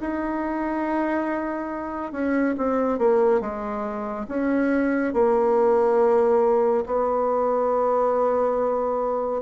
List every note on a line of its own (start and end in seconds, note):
0.00 2.12 D#4
2.12 2.55 C#4
2.58 2.98 C4
2.98 3.41 A#3
3.41 4.26 G#3
4.28 5.13 C#4
5.13 6.85 A#3
6.86 9.42 B3